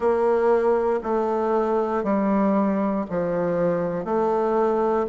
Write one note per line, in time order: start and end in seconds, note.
0.00 0.99 A#3
1.03 2.03 A3
2.03 3.05 G3
3.10 4.04 F3
4.04 5.06 A3